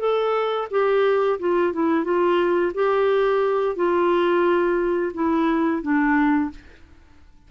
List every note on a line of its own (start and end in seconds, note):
0.00 0.68 A4
0.71 1.39 G4
1.40 1.74 F4
1.74 2.05 E4
2.05 2.73 F4
2.75 3.76 G4
3.76 5.13 F4
5.14 5.82 E4
5.82 6.51 D4